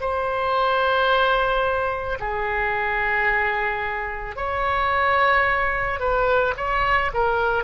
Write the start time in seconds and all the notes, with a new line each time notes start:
0.00 C5
2.19 G#4
4.35 C#5
5.99 B4
6.56 C#5
7.13 A#4